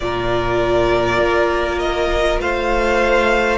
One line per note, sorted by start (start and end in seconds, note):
0.00 1.18 A#2
0.00 3.58 F4
0.00 2.41 A#4
0.00 1.78 D5
1.18 2.38 A#3
1.78 2.38 D#5
2.40 3.58 A3
2.40 3.58 C5
2.40 3.58 F5